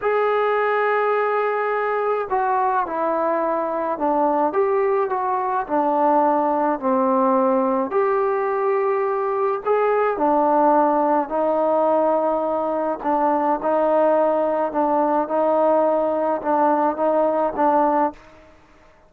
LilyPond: \new Staff \with { instrumentName = "trombone" } { \time 4/4 \tempo 4 = 106 gis'1 | fis'4 e'2 d'4 | g'4 fis'4 d'2 | c'2 g'2~ |
g'4 gis'4 d'2 | dis'2. d'4 | dis'2 d'4 dis'4~ | dis'4 d'4 dis'4 d'4 | }